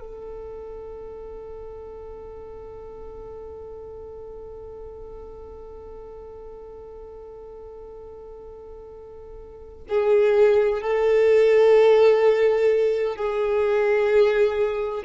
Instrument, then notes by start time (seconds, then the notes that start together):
violin
0.00 A4
9.89 G#4
10.82 A4
13.16 G#4